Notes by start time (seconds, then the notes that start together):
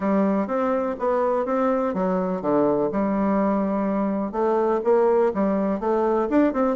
0.00 G3
0.47 C4
0.99 B3
1.45 C4
1.94 F#3
2.41 D3
2.92 G3
4.32 A3
4.83 A#3
5.34 G3
5.80 A3
6.29 D4
6.53 C4